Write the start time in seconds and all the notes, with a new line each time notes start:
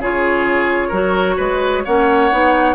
0.00 C#3 F4 G#4 C#5
0.89 F#3 F#4 A#4
1.37 G#3 B4
1.85 A#3 C#4 C#5 F#5
2.32 B3 D#4